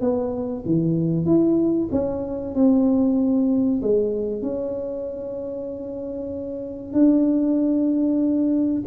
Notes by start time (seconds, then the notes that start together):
0.00 B3
0.65 E3
1.25 E4
1.91 C#4
2.55 C4
3.82 G#3
4.42 C#4
6.93 D4